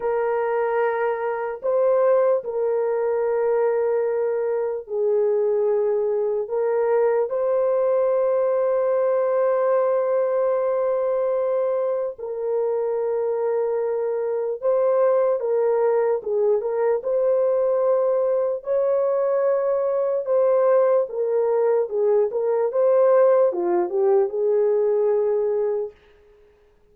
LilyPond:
\new Staff \with { instrumentName = "horn" } { \time 4/4 \tempo 4 = 74 ais'2 c''4 ais'4~ | ais'2 gis'2 | ais'4 c''2.~ | c''2. ais'4~ |
ais'2 c''4 ais'4 | gis'8 ais'8 c''2 cis''4~ | cis''4 c''4 ais'4 gis'8 ais'8 | c''4 f'8 g'8 gis'2 | }